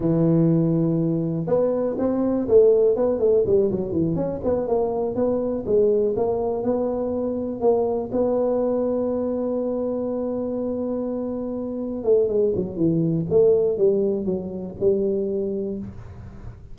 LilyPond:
\new Staff \with { instrumentName = "tuba" } { \time 4/4 \tempo 4 = 122 e2. b4 | c'4 a4 b8 a8 g8 fis8 | e8 cis'8 b8 ais4 b4 gis8~ | gis8 ais4 b2 ais8~ |
ais8 b2.~ b8~ | b1~ | b8 a8 gis8 fis8 e4 a4 | g4 fis4 g2 | }